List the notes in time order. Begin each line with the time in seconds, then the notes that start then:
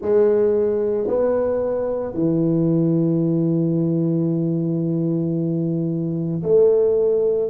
0.01 G#3
1.07 B3
2.13 E3
6.42 A3